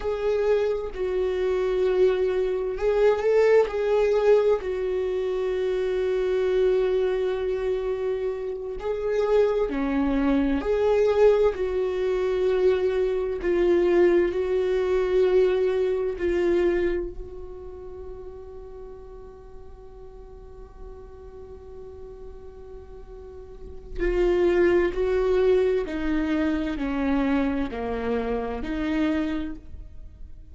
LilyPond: \new Staff \with { instrumentName = "viola" } { \time 4/4 \tempo 4 = 65 gis'4 fis'2 gis'8 a'8 | gis'4 fis'2.~ | fis'4. gis'4 cis'4 gis'8~ | gis'8 fis'2 f'4 fis'8~ |
fis'4. f'4 fis'4.~ | fis'1~ | fis'2 f'4 fis'4 | dis'4 cis'4 ais4 dis'4 | }